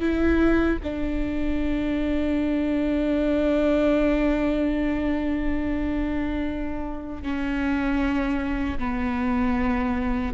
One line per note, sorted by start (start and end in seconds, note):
0.00 0.78 E4
0.83 7.23 D4
7.23 8.78 C#4
8.79 10.34 B3